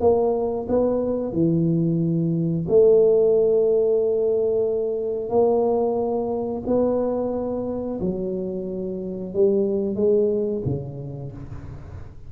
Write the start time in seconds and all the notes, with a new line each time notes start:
0.00 A#3
0.68 B3
1.32 E3
2.68 A3
5.29 A#3
6.66 B3
8.00 F#3
9.34 G3
9.95 G#3
10.65 C#3